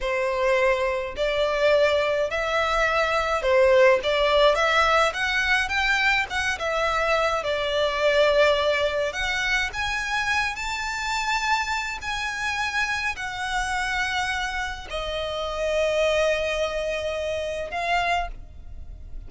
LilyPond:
\new Staff \with { instrumentName = "violin" } { \time 4/4 \tempo 4 = 105 c''2 d''2 | e''2 c''4 d''4 | e''4 fis''4 g''4 fis''8 e''8~ | e''4 d''2. |
fis''4 gis''4. a''4.~ | a''4 gis''2 fis''4~ | fis''2 dis''2~ | dis''2. f''4 | }